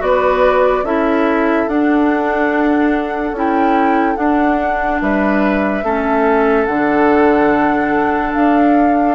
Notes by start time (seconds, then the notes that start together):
0.00 B3 F#4 B4 D5
0.83 C#4 E4 A4 E5
1.68 D4 F#5
3.32 C#4 E4 G5
4.17 D4 F#5
5.02 G3 B4 E5
5.84 A3 C#4 A4
6.66 D3 D4 F#5
8.33 D4 F5